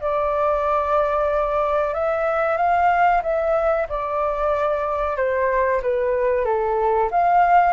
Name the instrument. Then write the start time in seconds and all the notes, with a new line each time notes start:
flute
0.00 D5
1.93 E5
2.57 F5
3.22 E5
3.89 D5
5.16 C5
5.82 B4
6.45 A4
7.11 F5